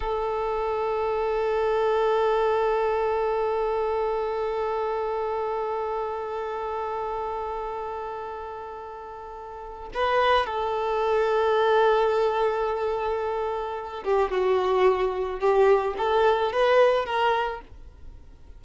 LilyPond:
\new Staff \with { instrumentName = "violin" } { \time 4/4 \tempo 4 = 109 a'1~ | a'1~ | a'1~ | a'1~ |
a'2 b'4 a'4~ | a'1~ | a'4. g'8 fis'2 | g'4 a'4 b'4 ais'4 | }